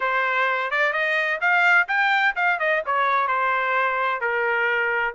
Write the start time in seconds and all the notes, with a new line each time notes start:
0.00 C5
0.70 D5
0.93 D#5
1.40 F5
1.88 G5
2.35 F5
2.59 D#5
2.86 C#5
3.27 C5
4.20 A#4